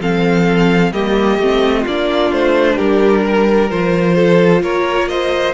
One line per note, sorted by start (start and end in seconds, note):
0.00 0.92 F3
0.00 0.92 C4
0.00 0.92 A4
0.00 0.92 F5
0.92 1.38 G3
0.92 1.39 A#3
0.92 1.80 G4
0.92 1.84 D#5
1.38 1.84 A3
1.38 1.87 C4
1.80 2.31 A#3
1.80 2.73 F4
1.87 3.70 D4
1.87 2.32 D5
2.31 2.77 A3
2.31 2.77 C5
2.75 3.71 G3
2.75 3.21 G4
2.75 3.69 A#4
3.24 4.15 A#4
3.70 4.62 F3
3.70 5.53 F4
3.70 4.62 C5
4.15 4.61 A4
4.62 5.53 A#3
4.62 5.08 A#4
4.62 5.08 C#5
5.08 5.53 C5
5.08 5.53 D#5